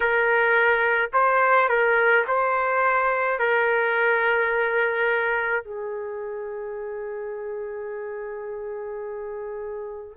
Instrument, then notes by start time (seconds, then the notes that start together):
trumpet
0.00 A#4
1.13 C5
1.68 A#4
2.27 C5
3.39 A#4
5.64 G#4